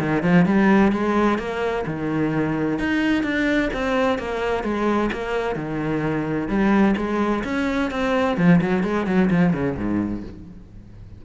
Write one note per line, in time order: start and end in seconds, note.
0.00 0.23 D#3
0.23 0.46 F3
0.46 0.92 G3
0.92 1.39 G#3
1.39 1.85 A#3
1.87 2.79 D#3
2.79 3.24 D#4
3.24 3.70 D4
3.74 4.19 C4
4.19 4.64 A#3
4.64 5.11 G#3
5.13 5.56 A#3
5.56 6.49 D#3
6.49 6.95 G3
6.97 7.44 G#3
7.45 7.91 C#4
7.91 8.38 C4
8.38 8.61 F3
8.62 8.84 F#3
8.84 9.07 G#3
9.07 9.30 F#3
9.31 9.53 F3
9.53 9.77 C#3
9.78 10.24 G#2